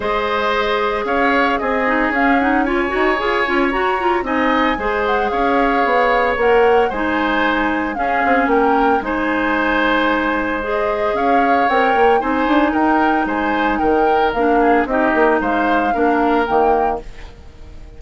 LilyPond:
<<
  \new Staff \with { instrumentName = "flute" } { \time 4/4 \tempo 4 = 113 dis''2 f''4 dis''4 | f''8 fis''8 gis''2 ais''4 | gis''4. fis''8 f''2 | fis''4 gis''2 f''4 |
g''4 gis''2. | dis''4 f''4 g''4 gis''4 | g''4 gis''4 g''4 f''4 | dis''4 f''2 g''4 | }
  \new Staff \with { instrumentName = "oboe" } { \time 4/4 c''2 cis''4 gis'4~ | gis'4 cis''2. | dis''4 c''4 cis''2~ | cis''4 c''2 gis'4 |
ais'4 c''2.~ | c''4 cis''2 c''4 | ais'4 c''4 ais'4. gis'8 | g'4 c''4 ais'2 | }
  \new Staff \with { instrumentName = "clarinet" } { \time 4/4 gis'2.~ gis'8 dis'8 | cis'8 dis'8 f'8 fis'8 gis'8 f'8 fis'8 f'8 | dis'4 gis'2. | ais'4 dis'2 cis'4~ |
cis'4 dis'2. | gis'2 ais'4 dis'4~ | dis'2. d'4 | dis'2 d'4 ais4 | }
  \new Staff \with { instrumentName = "bassoon" } { \time 4/4 gis2 cis'4 c'4 | cis'4. dis'8 f'8 cis'8 fis'4 | c'4 gis4 cis'4 b4 | ais4 gis2 cis'8 c'8 |
ais4 gis2.~ | gis4 cis'4 c'8 ais8 c'8 d'8 | dis'4 gis4 dis4 ais4 | c'8 ais8 gis4 ais4 dis4 | }
>>